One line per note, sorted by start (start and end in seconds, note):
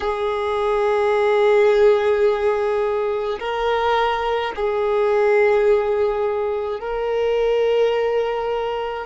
0.00 3.39 G#4
3.40 4.53 A#4
4.55 6.79 G#4
6.79 9.06 A#4